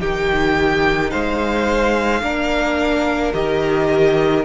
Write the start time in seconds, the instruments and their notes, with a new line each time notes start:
0.00 cello D#3, viola D#4, violin G4 G5
1.11 cello G#3, violin C5 F5
2.22 cello A#3, viola D4, violin A#4
3.34 cello D#3, viola G4, violin D#5